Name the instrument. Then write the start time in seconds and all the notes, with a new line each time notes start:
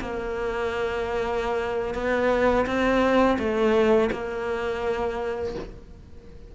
cello
0.00 A#3
1.94 B3
2.66 C4
3.39 A3
4.12 A#3